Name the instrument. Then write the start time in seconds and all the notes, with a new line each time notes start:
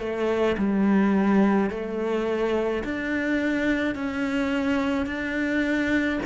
cello
0.00 A3
0.58 G3
1.71 A3
2.85 D4
3.95 C#4
5.07 D4